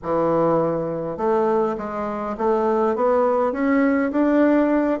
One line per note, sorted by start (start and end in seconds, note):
0.02 1.17 E3
1.17 1.76 A3
1.77 2.36 G#3
2.37 2.95 A3
2.95 3.52 B3
3.52 4.11 C#4
4.11 5.00 D4